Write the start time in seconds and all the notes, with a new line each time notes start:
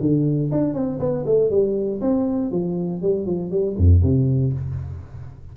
0.00 D3
0.51 D4
0.73 C4
0.99 B3
1.26 A3
1.50 G3
2.01 C4
2.51 F3
3.01 G3
3.25 F3
3.50 G3
3.77 F2
4.02 C3